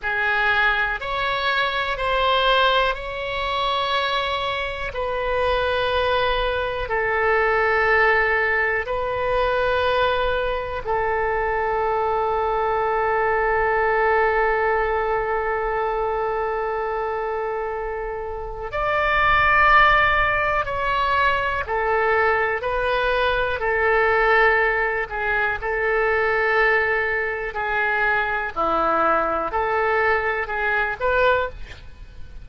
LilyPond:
\new Staff \with { instrumentName = "oboe" } { \time 4/4 \tempo 4 = 61 gis'4 cis''4 c''4 cis''4~ | cis''4 b'2 a'4~ | a'4 b'2 a'4~ | a'1~ |
a'2. d''4~ | d''4 cis''4 a'4 b'4 | a'4. gis'8 a'2 | gis'4 e'4 a'4 gis'8 b'8 | }